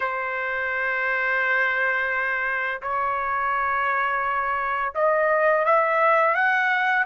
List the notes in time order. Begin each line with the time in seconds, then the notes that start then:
0.00 C5
2.81 C#5
4.94 D#5
5.65 E5
6.34 F#5